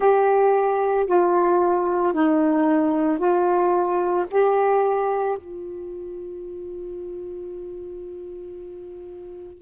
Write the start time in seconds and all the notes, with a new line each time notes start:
0.00 G4
1.06 F4
2.13 D#4
3.18 F4
4.31 G4
5.37 F4